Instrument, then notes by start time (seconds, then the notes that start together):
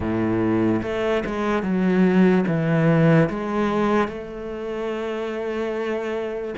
cello
0.00 A2
0.82 A3
1.26 G#3
1.62 F#3
2.47 E3
3.29 G#3
4.08 A3